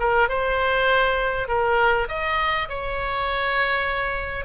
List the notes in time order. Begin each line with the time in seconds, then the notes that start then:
0.00 A#4
0.29 C5
1.48 A#4
2.09 D#5
2.69 C#5